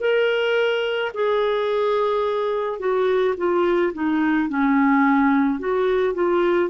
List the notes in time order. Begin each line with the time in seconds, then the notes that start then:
0.00 A#4
1.14 G#4
2.79 F#4
3.37 F4
3.93 D#4
4.48 C#4
5.59 F#4
6.14 F4